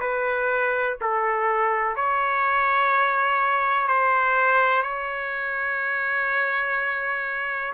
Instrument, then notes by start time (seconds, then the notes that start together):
trumpet
0.00 B4
1.01 A4
1.96 C#5
3.88 C5
4.83 C#5